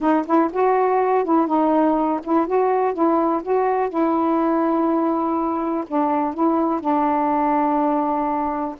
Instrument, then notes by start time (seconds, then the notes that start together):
saxophone
0.00 D#4
0.26 E4
0.52 F#4
1.24 E4
1.47 D#4
2.23 E4
2.46 F#4
2.93 E4
3.42 F#4
3.89 E4
5.87 D4
6.33 E4
6.80 D4